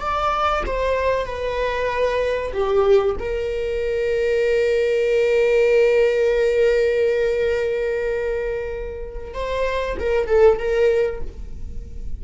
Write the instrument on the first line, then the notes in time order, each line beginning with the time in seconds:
viola
0.00 D5
0.66 C5
1.25 B4
2.53 G4
3.19 A#4
9.34 C5
9.99 A#4
10.26 A4
10.58 A#4